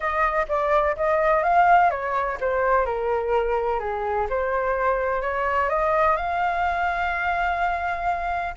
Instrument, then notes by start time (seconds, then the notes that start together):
flute
0.00 D#5
0.48 D5
0.96 D#5
1.43 F5
1.90 C#5
2.40 C5
2.85 A#4
3.79 G#4
4.29 C5
5.21 C#5
5.69 D#5
6.16 F5